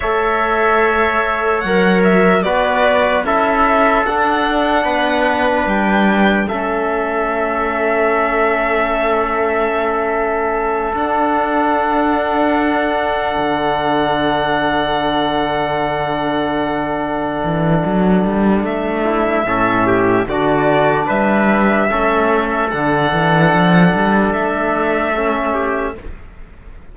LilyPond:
<<
  \new Staff \with { instrumentName = "violin" } { \time 4/4 \tempo 4 = 74 e''2 fis''8 e''8 d''4 | e''4 fis''2 g''4 | e''1~ | e''4. fis''2~ fis''8~ |
fis''1~ | fis''2. e''4~ | e''4 d''4 e''2 | fis''2 e''2 | }
  \new Staff \with { instrumentName = "trumpet" } { \time 4/4 cis''2. b'4 | a'2 b'2 | a'1~ | a'1~ |
a'1~ | a'2.~ a'8 e'8 | a'8 g'8 fis'4 b'4 a'4~ | a'2.~ a'8 g'8 | }
  \new Staff \with { instrumentName = "trombone" } { \time 4/4 a'2 ais'4 fis'4 | e'4 d'2. | cis'1~ | cis'4. d'2~ d'8~ |
d'1~ | d'1 | cis'4 d'2 cis'4 | d'2. cis'4 | }
  \new Staff \with { instrumentName = "cello" } { \time 4/4 a2 fis4 b4 | cis'4 d'4 b4 g4 | a1~ | a4. d'2~ d'8~ |
d'8 d2.~ d8~ | d4. e8 fis8 g8 a4 | a,4 d4 g4 a4 | d8 e8 f8 g8 a2 | }
>>